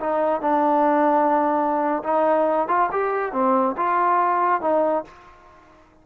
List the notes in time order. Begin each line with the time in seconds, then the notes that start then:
0.00 D#4
0.41 D4
2.03 D#4
2.68 F4
2.92 G4
3.33 C4
3.77 F4
4.61 D#4